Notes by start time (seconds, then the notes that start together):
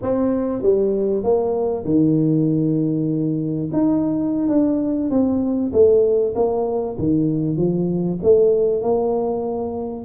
0.02 C4
0.62 G3
1.23 A#3
1.84 D#3
3.73 D#4
4.48 D4
5.10 C4
5.72 A3
6.35 A#3
6.98 D#3
7.56 F3
8.22 A3
8.82 A#3